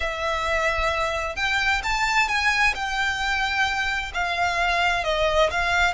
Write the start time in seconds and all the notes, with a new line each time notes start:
0.00 E5
1.36 G5
1.83 A5
2.28 G#5
2.74 G5
4.13 F5
5.04 D#5
5.50 F5